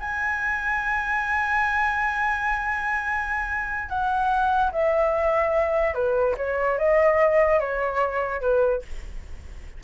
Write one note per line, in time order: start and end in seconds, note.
0.00 3.89 G#5
3.89 4.71 F#5
4.72 5.94 E5
5.94 6.35 B4
6.37 6.78 C#5
6.78 7.60 D#5
7.60 8.41 C#5
8.41 8.82 B4